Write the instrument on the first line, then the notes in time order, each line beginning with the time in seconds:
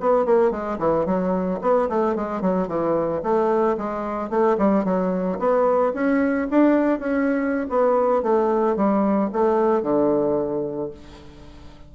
bassoon
0.00 B3
0.25 A#3
0.51 G#3
0.79 E3
1.06 F#3
1.61 B3
1.89 A3
2.15 G#3
2.42 F#3
2.68 E3
3.23 A3
3.77 G#3
4.30 A3
4.58 G3
4.85 F#3
5.39 B3
5.94 C#4
6.51 D4
6.99 C#4
7.70 B3
8.23 A3
8.76 G3
9.33 A3
9.83 D3